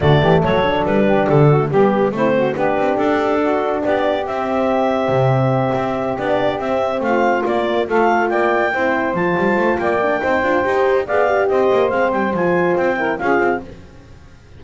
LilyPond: <<
  \new Staff \with { instrumentName = "clarinet" } { \time 4/4 \tempo 4 = 141 d''4 cis''4 b'4 a'4 | g'4 c''4 b'4 a'4~ | a'4 d''4 e''2~ | e''2~ e''8 d''4 e''8~ |
e''8 f''4 d''4 f''4 g''8~ | g''4. a''4. g''4~ | g''2 f''4 dis''4 | f''8 g''8 gis''4 g''4 f''4 | }
  \new Staff \with { instrumentName = "saxophone" } { \time 4/4 fis'8 g'8 a'4. g'4 fis'8 | g'4 e'8 fis'8 g'2 | fis'4 g'2.~ | g'1~ |
g'8 f'2 a'4 d''8~ | d''8 c''2~ c''8 d''4 | c''2 d''4 c''4~ | c''2~ c''8 ais'8 gis'4 | }
  \new Staff \with { instrumentName = "horn" } { \time 4/4 a4. d'2~ d'16 a16 | b4 c'4 d'2~ | d'2 c'2~ | c'2~ c'8 d'4 c'8~ |
c'4. ais4 f'4.~ | f'8 e'4 f'2 d'8 | dis'8 f'8 g'4 gis'8 g'4. | c'4 f'4. e'8 f'4 | }
  \new Staff \with { instrumentName = "double bass" } { \time 4/4 d8 e8 fis4 g4 d4 | g4 a4 b8 c'8 d'4~ | d'4 b4 c'2 | c4. c'4 b4 c'8~ |
c'8 a4 ais4 a4 ais8~ | ais8 c'4 f8 g8 a8 ais4 | c'8 d'8 dis'4 b4 c'8 ais8 | gis8 g8 f4 c'4 cis'8 c'8 | }
>>